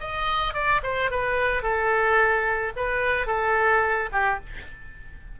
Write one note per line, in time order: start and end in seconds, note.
0.00 0.53 D#5
0.53 0.81 D5
0.83 1.10 C5
1.10 1.62 B4
1.62 2.72 A4
2.76 3.27 B4
3.27 4.09 A4
4.12 4.39 G4